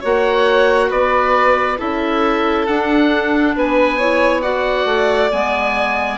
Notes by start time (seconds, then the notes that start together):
0.00 A#3 F#4 C#5 F#5
0.89 B3 B4 D5
1.77 C#4 E4 A4 E5
2.66 D4 F#5
3.55 B3 B4 G#5
3.97 E4 C#5
4.41 F#4 D5 F#5
4.84 A3
5.30 G#3 B3 G#5